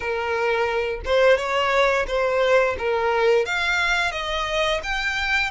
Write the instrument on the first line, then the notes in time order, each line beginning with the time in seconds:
violin
0.00 A#4
1.05 C5
1.37 C#5
2.07 C5
2.78 A#4
3.45 F5
4.11 D#5
4.83 G5